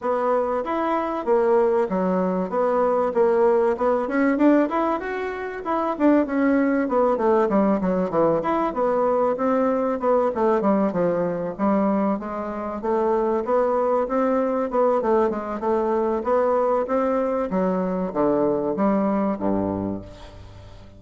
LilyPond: \new Staff \with { instrumentName = "bassoon" } { \time 4/4 \tempo 4 = 96 b4 e'4 ais4 fis4 | b4 ais4 b8 cis'8 d'8 e'8 | fis'4 e'8 d'8 cis'4 b8 a8 | g8 fis8 e8 e'8 b4 c'4 |
b8 a8 g8 f4 g4 gis8~ | gis8 a4 b4 c'4 b8 | a8 gis8 a4 b4 c'4 | fis4 d4 g4 g,4 | }